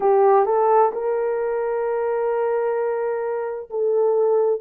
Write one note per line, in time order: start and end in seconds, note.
0.00 0.45 G4
0.45 0.91 A4
0.92 3.69 A#4
3.70 4.60 A4